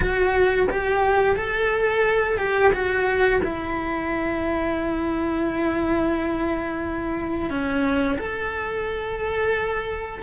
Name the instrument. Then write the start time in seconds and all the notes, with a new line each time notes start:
cello
0.00 F#4
0.70 G4
1.36 A4
2.38 G4
2.72 F#4
3.43 E4
7.49 C#4
8.18 A4